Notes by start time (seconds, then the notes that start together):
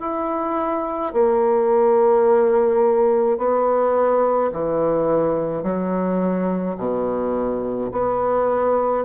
0.00 E4
1.13 A#3
3.38 B3
4.52 E3
5.62 F#3
6.77 B2
7.91 B3